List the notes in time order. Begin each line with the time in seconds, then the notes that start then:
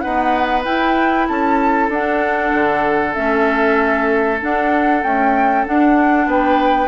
0.00 B3 D#4 B4 F#5
0.64 E4 G5
1.28 C#4 A4 A5
1.89 D4 F#5
2.53 D3
3.13 A3 C#4 E5
4.40 D4 F#5
5.03 A3 C#4 G5
5.65 D4 F#5
6.26 B3 B4 G5